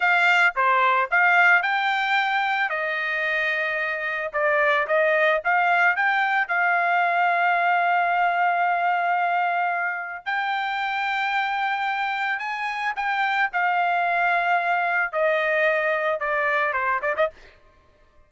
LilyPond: \new Staff \with { instrumentName = "trumpet" } { \time 4/4 \tempo 4 = 111 f''4 c''4 f''4 g''4~ | g''4 dis''2. | d''4 dis''4 f''4 g''4 | f''1~ |
f''2. g''4~ | g''2. gis''4 | g''4 f''2. | dis''2 d''4 c''8 d''16 dis''16 | }